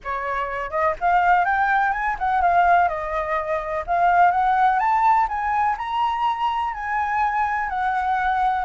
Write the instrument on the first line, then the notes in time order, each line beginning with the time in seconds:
flute
0.03 C#5
0.70 D#5
1.00 F5
1.44 G5
1.92 G#5
2.18 F#5
2.41 F5
2.88 D#5
3.86 F5
4.31 F#5
4.79 A5
5.28 G#5
5.77 A#5
6.73 G#5
7.69 F#5